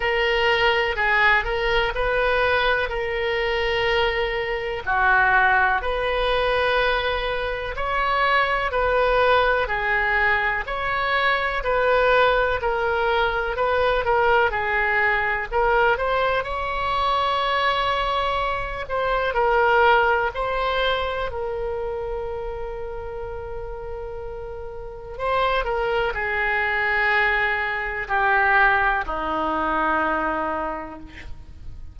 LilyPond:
\new Staff \with { instrumentName = "oboe" } { \time 4/4 \tempo 4 = 62 ais'4 gis'8 ais'8 b'4 ais'4~ | ais'4 fis'4 b'2 | cis''4 b'4 gis'4 cis''4 | b'4 ais'4 b'8 ais'8 gis'4 |
ais'8 c''8 cis''2~ cis''8 c''8 | ais'4 c''4 ais'2~ | ais'2 c''8 ais'8 gis'4~ | gis'4 g'4 dis'2 | }